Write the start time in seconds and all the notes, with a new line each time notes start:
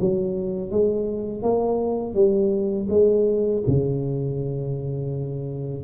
0.00 F#3
0.71 G#3
1.42 A#3
2.15 G3
2.89 G#3
3.67 C#3